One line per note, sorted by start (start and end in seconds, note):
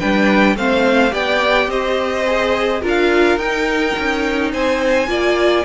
0.00 0.56 G3
0.00 0.57 D4
0.00 0.57 B4
0.00 0.57 G5
0.56 1.13 A3
0.56 1.10 C4
0.56 1.13 C5
0.56 1.15 F5
1.10 1.68 B3
1.10 2.24 G4
1.10 1.69 D5
1.10 1.71 G5
1.68 2.81 C4
1.68 2.82 C5
1.68 2.84 D#5
2.27 2.82 G#4
2.82 3.37 D4
2.82 3.39 F4
2.82 4.51 A#4
2.88 3.38 F5
3.37 3.94 D#4
3.37 5.08 D#4
3.37 4.52 G5
4.00 4.54 C#4
4.53 5.08 C4
4.53 5.09 C5
4.53 5.66 G#5
5.08 5.64 A#3
5.08 5.65 F4
5.08 5.66 D5